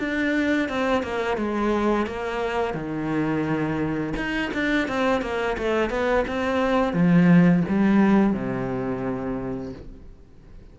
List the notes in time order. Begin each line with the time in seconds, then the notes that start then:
0.00 D4
0.69 C4
1.03 A#3
1.38 G#3
2.07 A#3
2.74 D#3
4.17 D#4
4.54 D4
4.89 C4
5.22 A#3
5.58 A3
5.90 B3
6.28 C4
6.94 F3
7.69 G3
8.34 C3